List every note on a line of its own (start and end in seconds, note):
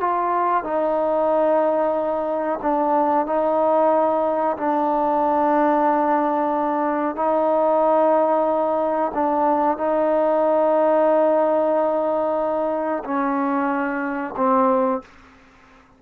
0.00 0.63 F4
0.63 2.59 D#4
2.62 3.26 D4
3.26 4.57 D#4
4.57 7.16 D4
7.16 9.11 D#4
9.14 9.77 D4
9.77 13.03 D#4
13.04 14.34 C#4
14.36 15.01 C4